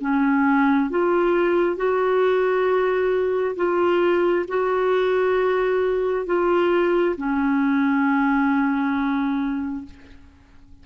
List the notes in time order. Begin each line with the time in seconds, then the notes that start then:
0.00 C#4
0.90 F4
1.76 F#4
3.56 F4
4.48 F#4
6.26 F4
7.16 C#4